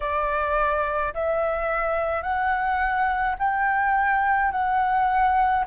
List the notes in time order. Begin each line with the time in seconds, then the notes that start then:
0.00 D5
1.13 E5
2.22 F#5
3.38 G5
4.51 F#5